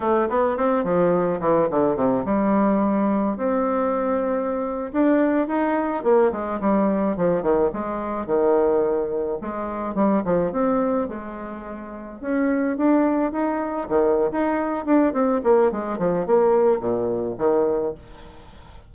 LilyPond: \new Staff \with { instrumentName = "bassoon" } { \time 4/4 \tempo 4 = 107 a8 b8 c'8 f4 e8 d8 c8 | g2 c'2~ | c'8. d'4 dis'4 ais8 gis8 g16~ | g8. f8 dis8 gis4 dis4~ dis16~ |
dis8. gis4 g8 f8 c'4 gis16~ | gis4.~ gis16 cis'4 d'4 dis'16~ | dis'8. dis8. dis'4 d'8 c'8 ais8 | gis8 f8 ais4 ais,4 dis4 | }